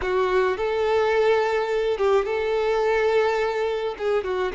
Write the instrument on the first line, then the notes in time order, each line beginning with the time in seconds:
violin
0.01 F#4
0.57 A4
1.97 G4
2.25 A4
3.98 G#4
4.23 F#4